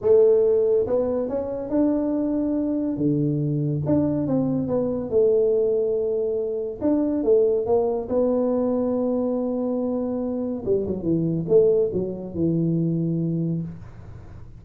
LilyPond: \new Staff \with { instrumentName = "tuba" } { \time 4/4 \tempo 4 = 141 a2 b4 cis'4 | d'2. d4~ | d4 d'4 c'4 b4 | a1 |
d'4 a4 ais4 b4~ | b1~ | b4 g8 fis8 e4 a4 | fis4 e2. | }